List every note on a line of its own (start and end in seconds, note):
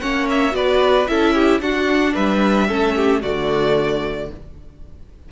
0.00 0.54 A#3
0.00 0.51 C#4
0.00 0.54 C#5
0.00 0.27 F#5
0.29 0.55 E5
0.51 1.07 B3
0.51 1.05 F#4
0.51 1.10 B4
0.51 1.07 D5
1.07 1.60 C#4
1.07 1.61 E4
1.07 1.34 A4
1.07 1.60 E5
1.34 1.61 G4
1.60 2.14 D4
1.60 2.68 D4
1.60 2.14 F#4
1.60 2.14 F#5
2.14 2.69 G3
2.14 2.67 B4
2.14 3.22 E5
2.68 3.23 A3
2.68 3.22 C#4
2.68 2.95 A4
2.95 3.22 G4
3.22 4.30 D3
3.22 4.31 A3
3.22 4.29 F#4
3.22 4.29 D5